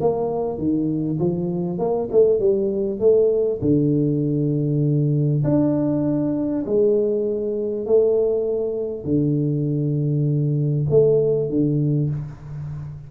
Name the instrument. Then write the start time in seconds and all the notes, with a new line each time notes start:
tuba
0.00 A#3
0.58 D#3
1.19 F3
1.78 A#3
2.11 A3
2.39 G3
2.99 A3
3.61 D3
5.44 D4
6.66 G#3
7.86 A3
9.04 D3
10.90 A3
11.49 D3